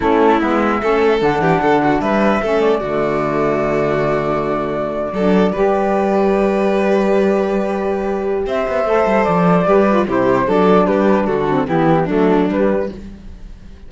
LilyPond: <<
  \new Staff \with { instrumentName = "flute" } { \time 4/4 \tempo 4 = 149 a'4 e''2 fis''4~ | fis''4 e''4. d''4.~ | d''1~ | d''1~ |
d''1~ | d''4 e''2 d''4~ | d''4 c''4 d''4 b'4 | a'4 g'4 a'4 b'4 | }
  \new Staff \with { instrumentName = "violin" } { \time 4/4 e'2 a'4. g'8 | a'8 fis'8 b'4 a'4 fis'4~ | fis'1~ | fis'8. a'4 b'2~ b'16~ |
b'1~ | b'4 c''2. | b'4 g'4 a'4 g'4 | fis'4 e'4 d'2 | }
  \new Staff \with { instrumentName = "saxophone" } { \time 4/4 cis'4 b4 cis'4 d'4~ | d'2 cis'4 a4~ | a1~ | a8. d'4 g'2~ g'16~ |
g'1~ | g'2 a'2 | g'8 f'8 e'4 d'2~ | d'8 c'8 b4 a4 g4 | }
  \new Staff \with { instrumentName = "cello" } { \time 4/4 a4 gis4 a4 d8 e8 | d4 g4 a4 d4~ | d1~ | d8. fis4 g2~ g16~ |
g1~ | g4 c'8 b8 a8 g8 f4 | g4 c4 fis4 g4 | d4 e4 fis4 g4 | }
>>